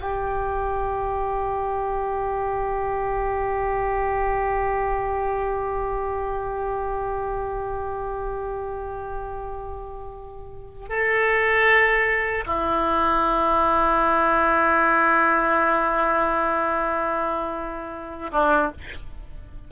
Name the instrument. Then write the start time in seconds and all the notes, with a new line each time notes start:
oboe
0.00 G4
10.89 A4
12.46 E4
18.32 D4